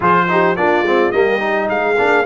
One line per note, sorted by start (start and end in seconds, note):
0.00 0.57 F3
0.00 0.27 F4
0.00 0.26 G#4
0.00 0.56 C5
0.27 0.56 D#4
0.27 0.57 G4
0.56 0.82 A#3
0.56 0.85 D4
0.56 1.14 F4
0.56 1.11 D5
0.82 1.10 G#3
0.82 1.12 C4
1.11 1.69 G3
1.11 1.39 A#3
1.11 1.71 G4
1.11 1.68 D#5
1.39 1.96 D#4
1.69 1.98 G#3
1.69 2.25 G#4
1.69 2.25 F5
1.98 2.25 A#3
1.98 2.25 D4